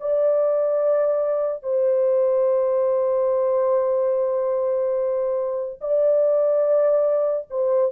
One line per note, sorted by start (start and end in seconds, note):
0.00 1.63 D5
1.63 5.80 C5
5.81 7.48 D5
7.50 7.91 C5